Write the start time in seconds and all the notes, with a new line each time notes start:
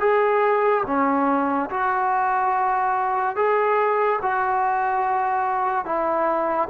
0.00 G#4
0.86 C#4
1.70 F#4
3.36 G#4
4.22 F#4
5.85 E4